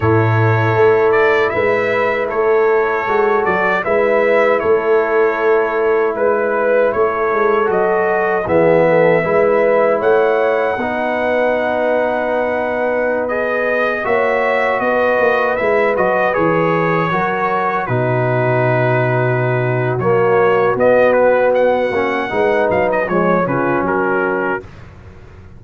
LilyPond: <<
  \new Staff \with { instrumentName = "trumpet" } { \time 4/4 \tempo 4 = 78 cis''4. d''8 e''4 cis''4~ | cis''8 d''8 e''4 cis''2 | b'4 cis''4 dis''4 e''4~ | e''4 fis''2.~ |
fis''4~ fis''16 dis''4 e''4 dis''8.~ | dis''16 e''8 dis''8 cis''2 b'8.~ | b'2 cis''4 dis''8 b'8 | fis''4. f''16 dis''16 cis''8 b'8 ais'4 | }
  \new Staff \with { instrumentName = "horn" } { \time 4/4 a'2 b'4 a'4~ | a'4 b'4 a'2 | b'4 a'2 gis'8 a'8 | b'4 cis''4 b'2~ |
b'2~ b'16 cis''4 b'8.~ | b'2~ b'16 ais'4 fis'8.~ | fis'1~ | fis'4 b'4 cis''8 f'8 fis'4 | }
  \new Staff \with { instrumentName = "trombone" } { \time 4/4 e'1 | fis'4 e'2.~ | e'2 fis'4 b4 | e'2 dis'2~ |
dis'4~ dis'16 gis'4 fis'4.~ fis'16~ | fis'16 e'8 fis'8 gis'4 fis'4 dis'8.~ | dis'2 ais4 b4~ | b8 cis'8 dis'4 gis8 cis'4. | }
  \new Staff \with { instrumentName = "tuba" } { \time 4/4 a,4 a4 gis4 a4 | gis8 fis8 gis4 a2 | gis4 a8 gis8 fis4 e4 | gis4 a4 b2~ |
b2~ b16 ais4 b8 ais16~ | ais16 gis8 fis8 e4 fis4 b,8.~ | b,2 fis4 b4~ | b8 ais8 gis8 fis8 f8 cis8 fis4 | }
>>